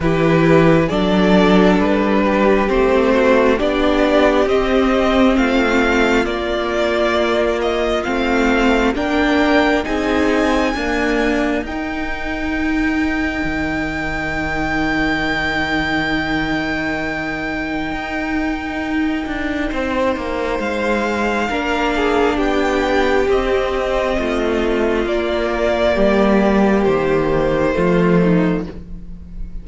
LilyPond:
<<
  \new Staff \with { instrumentName = "violin" } { \time 4/4 \tempo 4 = 67 b'4 d''4 b'4 c''4 | d''4 dis''4 f''4 d''4~ | d''8 dis''8 f''4 g''4 gis''4~ | gis''4 g''2.~ |
g''1~ | g''2. f''4~ | f''4 g''4 dis''2 | d''2 c''2 | }
  \new Staff \with { instrumentName = "violin" } { \time 4/4 g'4 a'4. g'4 fis'8 | g'2 f'2~ | f'2 ais'4 gis'4 | ais'1~ |
ais'1~ | ais'2 c''2 | ais'8 gis'8 g'2 f'4~ | f'4 g'2 f'8 dis'8 | }
  \new Staff \with { instrumentName = "viola" } { \time 4/4 e'4 d'2 c'4 | d'4 c'2 ais4~ | ais4 c'4 d'4 dis'4 | ais4 dis'2.~ |
dis'1~ | dis'1 | d'2 c'2 | ais2. a4 | }
  \new Staff \with { instrumentName = "cello" } { \time 4/4 e4 fis4 g4 a4 | b4 c'4 a4 ais4~ | ais4 a4 ais4 c'4 | d'4 dis'2 dis4~ |
dis1 | dis'4. d'8 c'8 ais8 gis4 | ais4 b4 c'4 a4 | ais4 g4 dis4 f4 | }
>>